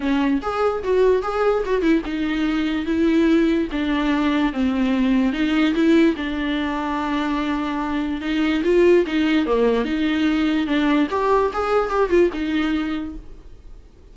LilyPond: \new Staff \with { instrumentName = "viola" } { \time 4/4 \tempo 4 = 146 cis'4 gis'4 fis'4 gis'4 | fis'8 e'8 dis'2 e'4~ | e'4 d'2 c'4~ | c'4 dis'4 e'4 d'4~ |
d'1 | dis'4 f'4 dis'4 ais4 | dis'2 d'4 g'4 | gis'4 g'8 f'8 dis'2 | }